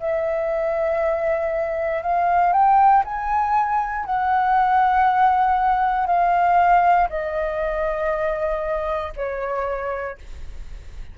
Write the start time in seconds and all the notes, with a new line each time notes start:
0.00 E5
2.03 F5
2.53 G5
3.05 G#5
4.06 F#5
6.07 F5
7.10 D#5
9.17 C#5